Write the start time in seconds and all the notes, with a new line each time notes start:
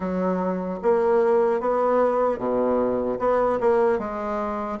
0.00 F#3
0.82 A#3
1.60 B3
2.38 B2
3.19 B3
3.60 A#3
3.98 G#3